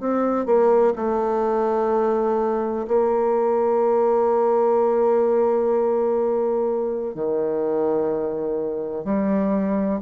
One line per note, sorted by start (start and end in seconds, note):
0.00 0.46 C4
0.46 0.94 A#3
0.96 2.87 A3
2.87 7.15 A#3
7.15 9.04 D#3
9.04 10.00 G3